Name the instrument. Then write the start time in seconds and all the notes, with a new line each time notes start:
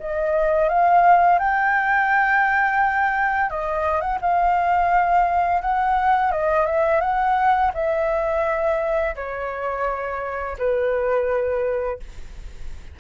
flute
0.00 D#5
0.69 F5
1.39 G5
3.51 D#5
4.01 F#5
4.22 F5
5.62 F#5
6.32 D#5
6.66 E5
7.01 F#5
7.75 E5
9.16 C#5
10.59 B4